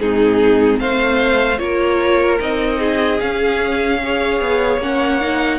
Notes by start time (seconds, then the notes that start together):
0.00 G#2 C4 D#4 G#4
0.80 A3 C5 F5
1.59 A#3 F4 A#4 C#5
2.40 C4 D#4 D#5
2.79 G#4
3.20 C#4 F5
4.03 G#4 C#5
4.41 B3
4.78 A#3 C#4 F#5
5.21 D#4